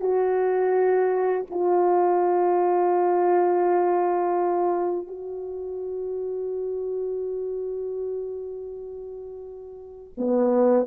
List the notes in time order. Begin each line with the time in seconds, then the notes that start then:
0.00 F#4
1.50 F4
5.07 F#4
10.17 B3